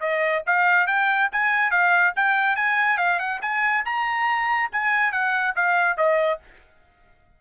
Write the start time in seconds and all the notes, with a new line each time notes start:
0.00 D#5
0.46 F5
0.87 G5
1.32 G#5
1.71 F5
2.16 G5
2.56 G#5
2.98 F5
3.19 F#5
3.42 G#5
3.85 A#5
4.72 G#5
5.12 F#5
5.56 F5
5.97 D#5